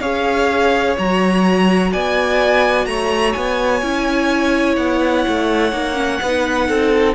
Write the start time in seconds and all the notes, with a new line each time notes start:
0.00 C#4 G#4 C#5 F5
0.98 F#3 F#4 A#5
1.92 B3 D5 G#5
2.86 A3 C#5 A#5
3.32 B3 G#5
3.82 C#4 E4
4.76 B3 F#5
5.28 A3
5.72 A#3 D#4
5.94 C#4
6.22 B3 D#4 B4
6.68 C4 A4